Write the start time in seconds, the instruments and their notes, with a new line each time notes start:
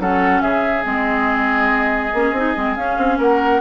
0.00 bassoon F#3, clarinet C#4, oboe A4, flute F#5
0.42 bassoon C#3, oboe G#4, flute E5
0.84 bassoon G#3, clarinet C4, flute D#5
2.14 bassoon A#3, clarinet C#4
2.33 bassoon C4, clarinet D#4
2.56 bassoon G#3, clarinet C4
2.76 bassoon C#4, clarinet C#4, flute F5
2.98 bassoon C4
3.19 bassoon A#3, oboe A#4, flute F#5